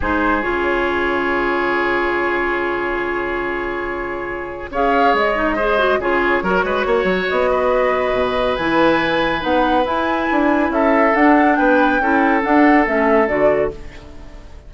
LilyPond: <<
  \new Staff \with { instrumentName = "flute" } { \time 4/4 \tempo 4 = 140 c''4 cis''2.~ | cis''1~ | cis''2. f''4 | dis''2 cis''2~ |
cis''4 dis''2. | gis''2 fis''4 gis''4~ | gis''4 e''4 fis''4 g''4~ | g''4 fis''4 e''4 d''4 | }
  \new Staff \with { instrumentName = "oboe" } { \time 4/4 gis'1~ | gis'1~ | gis'2. cis''4~ | cis''4 c''4 gis'4 ais'8 b'8 |
cis''4. b'2~ b'8~ | b'1~ | b'4 a'2 b'4 | a'1 | }
  \new Staff \with { instrumentName = "clarinet" } { \time 4/4 dis'4 f'2.~ | f'1~ | f'2. gis'4~ | gis'8 dis'8 gis'8 fis'8 f'4 fis'4~ |
fis'1 | e'2 dis'4 e'4~ | e'2 d'2 | e'4 d'4 cis'4 fis'4 | }
  \new Staff \with { instrumentName = "bassoon" } { \time 4/4 gis4 cis2.~ | cis1~ | cis2. cis'4 | gis2 cis4 fis8 gis8 |
ais8 fis8 b2 b,4 | e2 b4 e'4 | d'4 cis'4 d'4 b4 | cis'4 d'4 a4 d4 | }
>>